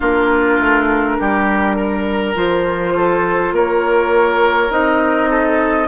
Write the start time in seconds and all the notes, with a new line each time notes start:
0.00 A#3 D4 F4 A#4
0.59 A3
1.19 G3 G4
1.76 A#4
2.35 F3 F4 C5
2.95 A4
3.51 A#3 A#4 C#5
4.70 C4 D#4 D#5
5.30 A4